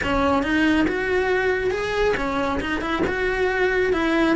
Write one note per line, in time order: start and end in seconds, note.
0.03 0.42 C#4
0.42 0.86 D#4
0.87 1.70 F#4
1.70 2.14 G#4
2.16 2.60 C#4
2.60 2.81 D#4
2.81 3.02 E4
3.07 3.92 F#4
3.92 4.35 E4